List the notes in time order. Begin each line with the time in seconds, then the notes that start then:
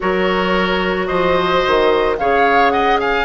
0.00 F#3 F#4 A#4 C#5
1.06 F3 C5 D#5
1.66 D#3
2.17 C#3 G#4 C#5 F5
2.70 D#5 F#5
3.00 F5 G#5